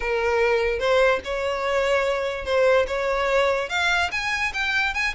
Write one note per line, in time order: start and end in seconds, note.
0.00 0.79 A#4
0.79 1.20 C5
1.24 2.45 C#5
2.45 2.86 C5
2.87 3.69 C#5
3.69 4.10 F5
4.11 4.52 G#5
4.53 4.94 G5
4.94 5.14 G#5